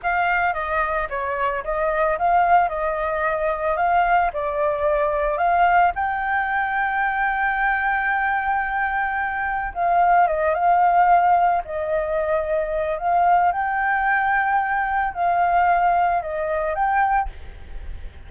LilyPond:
\new Staff \with { instrumentName = "flute" } { \time 4/4 \tempo 4 = 111 f''4 dis''4 cis''4 dis''4 | f''4 dis''2 f''4 | d''2 f''4 g''4~ | g''1~ |
g''2 f''4 dis''8 f''8~ | f''4. dis''2~ dis''8 | f''4 g''2. | f''2 dis''4 g''4 | }